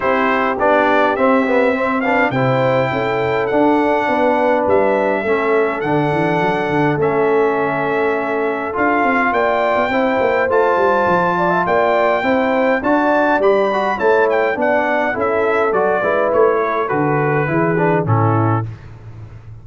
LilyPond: <<
  \new Staff \with { instrumentName = "trumpet" } { \time 4/4 \tempo 4 = 103 c''4 d''4 e''4. f''8 | g''2 fis''2 | e''2 fis''2 | e''2. f''4 |
g''2 a''2 | g''2 a''4 b''4 | a''8 g''8 fis''4 e''4 d''4 | cis''4 b'2 a'4 | }
  \new Staff \with { instrumentName = "horn" } { \time 4/4 g'2. c''8 b'8 | c''4 a'2 b'4~ | b'4 a'2.~ | a'1 |
d''4 c''2~ c''8 d''16 e''16 | d''4 c''4 d''2 | cis''4 d''4 a'4. b'8~ | b'8 a'4. gis'4 e'4 | }
  \new Staff \with { instrumentName = "trombone" } { \time 4/4 e'4 d'4 c'8 b8 c'8 d'8 | e'2 d'2~ | d'4 cis'4 d'2 | cis'2. f'4~ |
f'4 e'4 f'2~ | f'4 e'4 fis'4 g'8 fis'8 | e'4 d'4 e'4 fis'8 e'8~ | e'4 fis'4 e'8 d'8 cis'4 | }
  \new Staff \with { instrumentName = "tuba" } { \time 4/4 c'4 b4 c'2 | c4 cis'4 d'4 b4 | g4 a4 d8 e8 fis8 d8 | a2. d'8 c'8 |
ais8. b16 c'8 ais8 a8 g8 f4 | ais4 c'4 d'4 g4 | a4 b4 cis'4 fis8 gis8 | a4 d4 e4 a,4 | }
>>